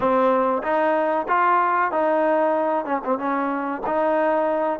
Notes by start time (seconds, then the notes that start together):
0.00 C4
0.62 D#4
1.28 F4
1.91 D#4
2.85 C#4
3.04 C4
3.18 C#4
3.86 D#4